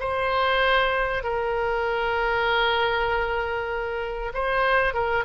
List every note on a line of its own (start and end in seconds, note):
0.00 1.24 C5
1.24 4.33 A#4
4.34 4.94 C5
4.94 5.25 A#4